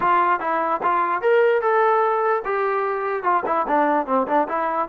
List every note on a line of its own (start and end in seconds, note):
0.00 0.40 F4
0.40 0.80 E4
0.82 1.21 F4
1.21 1.61 A#4
1.61 2.42 A4
2.45 3.23 G4
3.23 3.43 F4
3.46 3.66 E4
3.67 4.06 D4
4.06 4.26 C4
4.27 4.47 D4
4.48 4.88 E4